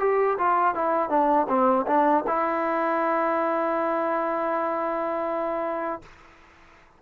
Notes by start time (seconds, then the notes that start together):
0.00 G4
0.39 F4
0.75 E4
1.10 D4
1.49 C4
1.87 D4
2.27 E4